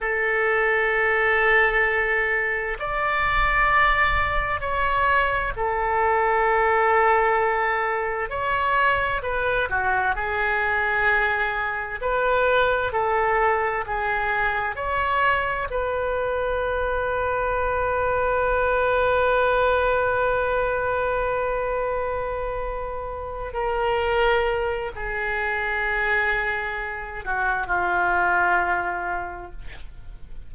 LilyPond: \new Staff \with { instrumentName = "oboe" } { \time 4/4 \tempo 4 = 65 a'2. d''4~ | d''4 cis''4 a'2~ | a'4 cis''4 b'8 fis'8 gis'4~ | gis'4 b'4 a'4 gis'4 |
cis''4 b'2.~ | b'1~ | b'4. ais'4. gis'4~ | gis'4. fis'8 f'2 | }